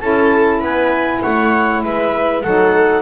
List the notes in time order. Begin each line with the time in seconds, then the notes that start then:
0.00 C#4 E4 A4 A5
0.59 B3 B4 G#5
1.22 A3 C#5 F#5
1.83 G#3 B4 E5
2.42 F#3 D#4 A4 F#5